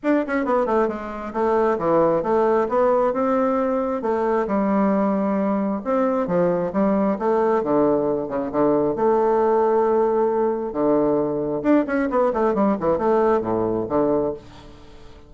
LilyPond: \new Staff \with { instrumentName = "bassoon" } { \time 4/4 \tempo 4 = 134 d'8 cis'8 b8 a8 gis4 a4 | e4 a4 b4 c'4~ | c'4 a4 g2~ | g4 c'4 f4 g4 |
a4 d4. cis8 d4 | a1 | d2 d'8 cis'8 b8 a8 | g8 e8 a4 a,4 d4 | }